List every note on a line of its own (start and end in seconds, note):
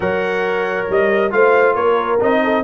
0.00 0.87 F#3
0.00 1.30 A#4
0.00 1.32 C#5
0.00 0.87 F#5
0.89 1.32 G3
0.89 1.32 D#5
1.30 1.75 A3
1.30 2.18 F4
1.30 1.75 C5
1.30 1.75 F5
1.75 2.19 A#3
1.75 2.41 A#4
1.75 2.19 C#5
2.20 2.63 C4
2.20 2.63 D#4
2.20 2.63 D#5
2.43 2.63 A4